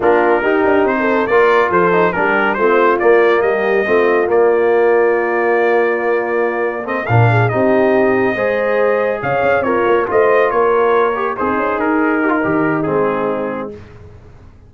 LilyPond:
<<
  \new Staff \with { instrumentName = "trumpet" } { \time 4/4 \tempo 4 = 140 ais'2 c''4 d''4 | c''4 ais'4 c''4 d''4 | dis''2 d''2~ | d''1 |
dis''8 f''4 dis''2~ dis''8~ | dis''4. f''4 cis''4 dis''8~ | dis''8 cis''2 c''4 ais'8~ | ais'2 gis'2 | }
  \new Staff \with { instrumentName = "horn" } { \time 4/4 f'4 g'4~ g'16 a'8. ais'4 | a'4 g'4 f'2 | g'4 f'2.~ | f'1 |
a'8 ais'8 gis'8 g'2 c''8~ | c''4. cis''4 f'4 c''8~ | c''8 ais'2 dis'4.~ | dis'1 | }
  \new Staff \with { instrumentName = "trombone" } { \time 4/4 d'4 dis'2 f'4~ | f'8 dis'8 d'4 c'4 ais4~ | ais4 c'4 ais2~ | ais1 |
c'8 d'4 dis'2 gis'8~ | gis'2~ gis'8 ais'4 f'8~ | f'2 g'8 gis'4.~ | gis'8 g'16 f'16 g'4 c'2 | }
  \new Staff \with { instrumentName = "tuba" } { \time 4/4 ais4 dis'8 d'8 c'4 ais4 | f4 g4 a4 ais4 | g4 a4 ais2~ | ais1~ |
ais8 ais,4 c'2 gis8~ | gis4. cis8 cis'8 c'8 ais8 a8~ | a8 ais2 c'8 cis'8 dis'8~ | dis'4 dis4 gis2 | }
>>